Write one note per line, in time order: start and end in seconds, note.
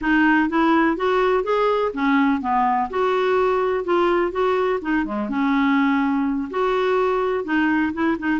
0.01 0.49 D#4
0.49 0.96 E4
0.96 1.43 F#4
1.43 1.91 G#4
1.93 2.41 C#4
2.41 2.89 B3
2.90 3.84 F#4
3.84 4.31 F4
4.31 4.79 F#4
4.81 5.05 D#4
5.05 5.29 G#3
5.29 6.49 C#4
6.50 7.44 F#4
7.44 7.92 D#4
7.93 8.17 E4
8.18 8.40 D#4